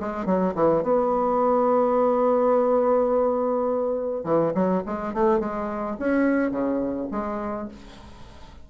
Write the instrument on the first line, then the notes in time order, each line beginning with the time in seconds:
bassoon
0.00 G#3
0.25 F#3
0.55 E3
0.83 B3
4.24 E3
4.54 F#3
4.86 G#3
5.14 A3
5.39 G#3
5.99 C#4
6.51 C#3
7.11 G#3